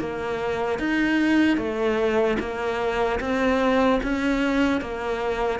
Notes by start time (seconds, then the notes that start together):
0.00 A#3
0.79 D#4
1.57 A3
2.40 A#3
3.20 C4
4.03 C#4
4.81 A#3